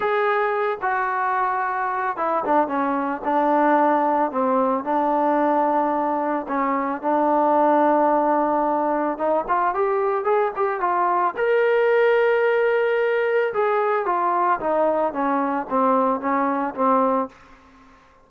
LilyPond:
\new Staff \with { instrumentName = "trombone" } { \time 4/4 \tempo 4 = 111 gis'4. fis'2~ fis'8 | e'8 d'8 cis'4 d'2 | c'4 d'2. | cis'4 d'2.~ |
d'4 dis'8 f'8 g'4 gis'8 g'8 | f'4 ais'2.~ | ais'4 gis'4 f'4 dis'4 | cis'4 c'4 cis'4 c'4 | }